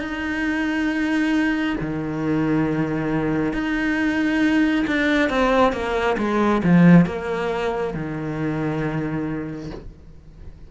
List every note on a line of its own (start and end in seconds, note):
0.00 1.76 D#4
1.80 3.53 D#3
3.53 4.86 D#4
4.87 5.30 D4
5.30 5.73 C4
5.73 6.17 A#3
6.18 6.62 G#3
6.63 7.06 F3
7.06 7.94 A#3
7.94 9.71 D#3